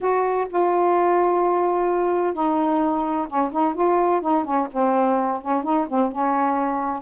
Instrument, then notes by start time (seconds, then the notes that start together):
saxophone
0.00 F#4
0.49 F4
2.33 D#4
3.27 C#4
3.52 D#4
3.74 F4
4.21 D#4
4.44 C#4
4.72 C4
5.41 C#4
5.63 D#4
5.88 C4
6.11 C#4